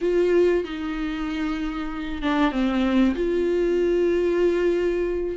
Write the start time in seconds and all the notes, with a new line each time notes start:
0.01 F4
0.64 D#4
2.21 D4
2.51 C4
3.15 F4